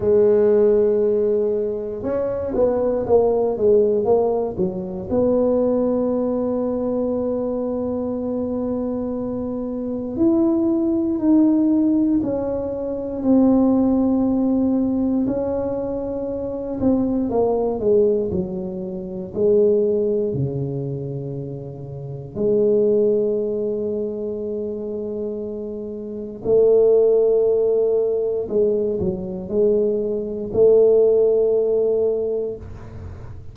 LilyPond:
\new Staff \with { instrumentName = "tuba" } { \time 4/4 \tempo 4 = 59 gis2 cis'8 b8 ais8 gis8 | ais8 fis8 b2.~ | b2 e'4 dis'4 | cis'4 c'2 cis'4~ |
cis'8 c'8 ais8 gis8 fis4 gis4 | cis2 gis2~ | gis2 a2 | gis8 fis8 gis4 a2 | }